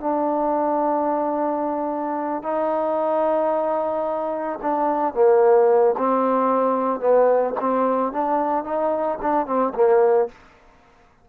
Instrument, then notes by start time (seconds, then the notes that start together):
trombone
0.00 D4
2.43 D#4
4.62 D4
5.14 A#3
5.98 C4
7.00 B3
7.60 C4
8.12 D4
8.64 D#4
9.21 D4
9.46 C4
9.74 A#3